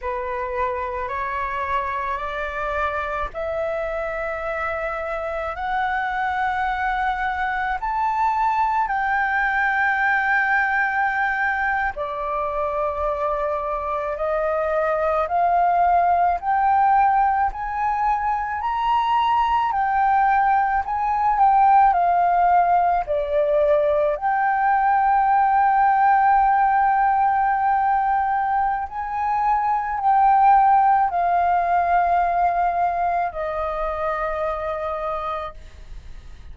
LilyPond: \new Staff \with { instrumentName = "flute" } { \time 4/4 \tempo 4 = 54 b'4 cis''4 d''4 e''4~ | e''4 fis''2 a''4 | g''2~ g''8. d''4~ d''16~ | d''8. dis''4 f''4 g''4 gis''16~ |
gis''8. ais''4 g''4 gis''8 g''8 f''16~ | f''8. d''4 g''2~ g''16~ | g''2 gis''4 g''4 | f''2 dis''2 | }